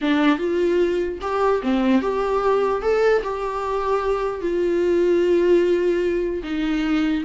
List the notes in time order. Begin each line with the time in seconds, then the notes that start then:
0.01 D4
0.38 F4
1.21 G4
1.62 C4
2.01 G4
2.82 A4
3.23 G4
4.41 F4
6.43 D#4